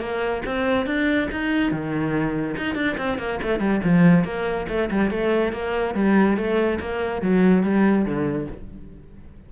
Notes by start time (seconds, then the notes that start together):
0.00 A#3
0.46 C4
0.86 D4
1.31 D#4
1.72 D#3
2.57 D#4
2.75 D4
2.98 C4
3.18 A#3
3.42 A3
3.60 G3
3.84 F3
4.24 A#3
4.69 A3
4.91 G3
5.10 A3
5.53 A#3
5.95 G3
6.37 A3
6.80 A#3
7.22 F#3
7.63 G3
8.05 D3